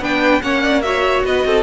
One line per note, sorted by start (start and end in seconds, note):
0.00 0.41 B3
0.00 0.42 D4
0.00 0.42 B4
0.00 0.42 G5
0.42 1.23 A#3
0.42 0.83 C#4
0.42 0.62 C#5
0.42 0.82 F#5
0.62 0.83 D5
0.82 1.63 F#4
0.82 1.26 C#5
0.82 1.23 E5
1.24 1.44 B3
1.24 1.47 B4
1.24 1.63 D#5
1.45 1.63 C4
1.45 1.63 A4